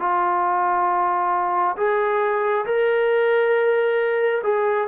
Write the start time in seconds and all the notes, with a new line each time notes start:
0.00 F4
1.77 G#4
2.66 A#4
4.44 G#4